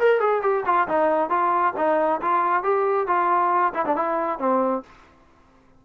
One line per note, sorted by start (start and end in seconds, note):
0.00 0.21 A#4
0.21 0.43 G#4
0.43 0.65 G4
0.66 0.88 F4
0.88 1.30 D#4
1.30 1.74 F4
1.77 2.21 D#4
2.22 2.64 F4
2.64 3.08 G4
3.08 3.74 F4
3.75 3.86 E4
3.86 3.96 D4
3.96 4.39 E4
4.39 4.83 C4